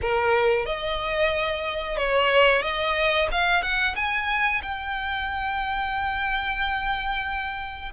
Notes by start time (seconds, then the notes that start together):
0.01 A#4
0.65 D#5
1.97 C#5
2.62 D#5
3.31 F5
3.62 F#5
3.95 G#5
4.62 G5